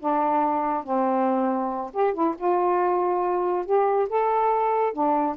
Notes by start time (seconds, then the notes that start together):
0.00 D4
0.84 C4
1.94 G4
2.14 E4
2.38 F4
3.66 G4
4.09 A4
4.94 D4